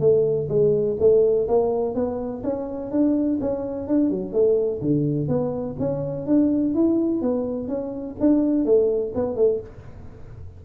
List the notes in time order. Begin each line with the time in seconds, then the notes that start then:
0.00 A3
0.49 G#3
1.00 A3
1.48 A#3
1.95 B3
2.44 C#4
2.91 D4
3.41 C#4
3.88 D4
4.10 F#3
4.33 A3
4.81 D3
5.28 B3
5.79 C#4
6.26 D4
6.74 E4
7.21 B3
7.68 C#4
8.20 D4
8.65 A3
9.15 B3
9.36 A3